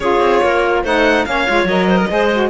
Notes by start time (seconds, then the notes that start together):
0.00 C#4 F4 G#4 C#5
0.19 C4
0.42 A#3 A#4
0.83 A3 D#4 C5 F#5
1.25 A#3 C#4 C#5 F5
1.47 G#3 F4
1.64 F#3 A#4 D#5
1.88 C5
1.97 A#4
2.08 G#3 G#4 C5
2.33 F#4